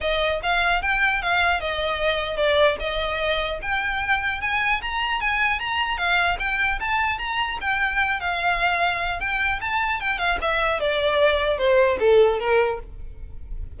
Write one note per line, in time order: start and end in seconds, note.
0.01 0.41 D#5
0.42 0.82 F5
0.82 1.22 G5
1.22 1.60 F5
1.60 2.36 D#5
2.36 2.76 D5
2.79 3.59 D#5
3.62 4.41 G5
4.41 4.81 G#5
4.81 5.20 A#5
5.20 5.59 G#5
5.59 5.97 A#5
5.97 6.37 F5
6.39 6.79 G5
6.80 7.18 A5
7.18 7.58 A#5
7.61 8.20 G5
8.20 9.20 F5
9.20 9.60 G5
9.60 10.00 A5
10.00 10.18 G5
10.18 10.38 F5
10.41 10.79 E5
10.79 11.57 D5
11.57 11.97 C5
11.99 12.39 A4
12.39 12.79 A#4